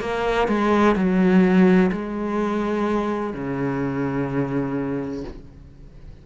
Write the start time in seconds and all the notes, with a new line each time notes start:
0.00 A#3
0.48 G#3
0.95 F#3
1.91 G#3
3.33 C#3